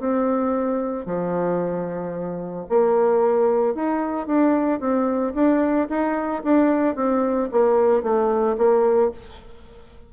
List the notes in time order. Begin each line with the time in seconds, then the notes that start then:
0.00 C4
1.06 F3
2.70 A#3
3.75 D#4
4.27 D4
4.80 C4
5.35 D4
5.89 D#4
6.44 D4
6.96 C4
7.52 A#3
8.03 A3
8.58 A#3